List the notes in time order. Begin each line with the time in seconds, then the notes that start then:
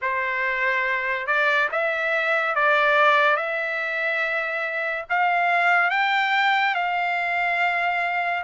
0.01 C5
1.26 D5
1.71 E5
2.55 D5
3.36 E5
5.09 F5
5.90 G5
6.74 F5